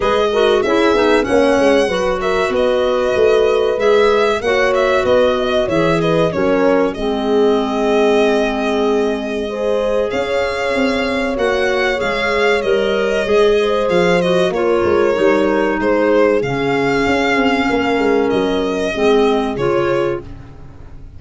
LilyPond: <<
  \new Staff \with { instrumentName = "violin" } { \time 4/4 \tempo 4 = 95 dis''4 e''4 fis''4. e''8 | dis''2 e''4 fis''8 e''8 | dis''4 e''8 dis''8 cis''4 dis''4~ | dis''1 |
f''2 fis''4 f''4 | dis''2 f''8 dis''8 cis''4~ | cis''4 c''4 f''2~ | f''4 dis''2 cis''4 | }
  \new Staff \with { instrumentName = "horn" } { \time 4/4 b'8 ais'8 gis'4 cis''4 b'8 ais'8 | b'2. cis''4 | b'8 dis''8 cis''8 b'8 ais'4 gis'4~ | gis'2. c''4 |
cis''1~ | cis''4. c''4. ais'4~ | ais'4 gis'2. | ais'2 gis'2 | }
  \new Staff \with { instrumentName = "clarinet" } { \time 4/4 gis'8 fis'8 e'8 dis'8 cis'4 fis'4~ | fis'2 gis'4 fis'4~ | fis'4 gis'4 cis'4 c'4~ | c'2. gis'4~ |
gis'2 fis'4 gis'4 | ais'4 gis'4. fis'8 f'4 | dis'2 cis'2~ | cis'2 c'4 f'4 | }
  \new Staff \with { instrumentName = "tuba" } { \time 4/4 gis4 cis'8 b8 ais8 gis8 fis4 | b4 a4 gis4 ais4 | b4 e4 fis4 gis4~ | gis1 |
cis'4 c'4 ais4 gis4 | g4 gis4 f4 ais8 gis8 | g4 gis4 cis4 cis'8 c'8 | ais8 gis8 fis4 gis4 cis4 | }
>>